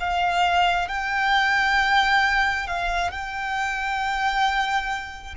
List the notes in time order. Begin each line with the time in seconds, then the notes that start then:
0.00 F5
0.89 G5
2.67 F5
3.11 G5